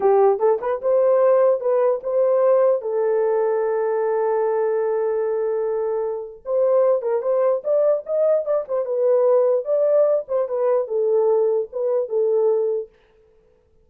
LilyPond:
\new Staff \with { instrumentName = "horn" } { \time 4/4 \tempo 4 = 149 g'4 a'8 b'8 c''2 | b'4 c''2 a'4~ | a'1~ | a'1 |
c''4. ais'8 c''4 d''4 | dis''4 d''8 c''8 b'2 | d''4. c''8 b'4 a'4~ | a'4 b'4 a'2 | }